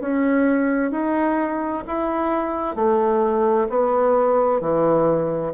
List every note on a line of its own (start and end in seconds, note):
0.00 0.91 C#4
0.91 1.83 D#4
1.87 2.76 E4
2.76 3.68 A3
3.69 4.61 B3
4.61 5.53 E3